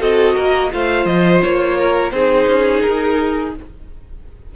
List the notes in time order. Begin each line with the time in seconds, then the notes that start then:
0.00 C4 F#4 A4 D#5
0.35 A#3 A#4
0.71 A3 F4 C5 F5
1.05 F3 D#5
1.43 A#3 C#5
1.77 A#4
2.11 C4 D#4 G#4 C5
2.47 C#4
2.81 D#4 A#4